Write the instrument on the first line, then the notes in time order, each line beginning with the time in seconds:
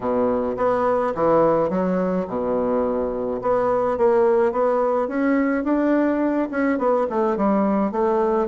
bassoon
0.00 B2
0.57 B3
1.14 E3
1.69 F#3
2.27 B2
3.41 B3
3.97 A#3
4.52 B3
5.08 C#4
5.63 D4
6.51 C#4
6.78 B3
7.09 A3
7.36 G3
7.91 A3